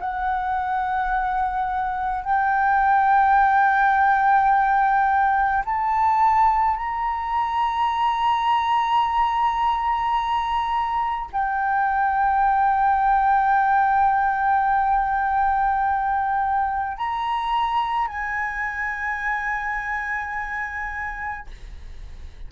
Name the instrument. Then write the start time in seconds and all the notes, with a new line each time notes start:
flute
0.00 F#5
2.24 G5
5.65 A5
6.77 A#5
11.32 G5
16.97 A#5
18.07 G#5